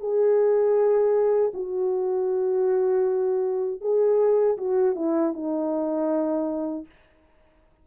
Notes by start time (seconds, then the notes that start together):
0.00 G#4
1.54 F#4
3.81 G#4
4.57 F#4
4.95 E4
5.33 D#4